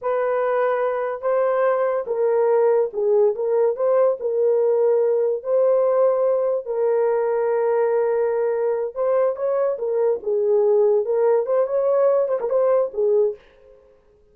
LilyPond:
\new Staff \with { instrumentName = "horn" } { \time 4/4 \tempo 4 = 144 b'2. c''4~ | c''4 ais'2 gis'4 | ais'4 c''4 ais'2~ | ais'4 c''2. |
ais'1~ | ais'4. c''4 cis''4 ais'8~ | ais'8 gis'2 ais'4 c''8 | cis''4. c''16 ais'16 c''4 gis'4 | }